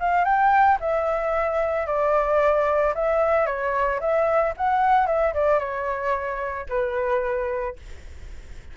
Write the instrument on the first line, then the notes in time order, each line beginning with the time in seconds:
flute
0.00 F5
0.25 G5
0.81 E5
1.87 D5
2.95 E5
3.47 C#5
4.01 E5
4.58 F#5
5.07 E5
5.34 D5
5.60 C#5
6.69 B4